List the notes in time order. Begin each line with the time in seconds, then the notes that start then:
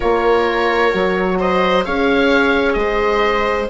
0.00 A#3 F4 A#4 C#5
0.91 F#3 F#4
1.39 C5 D#5
1.84 C#4 G#4 C#5 F5
2.73 G#3 C5 D#5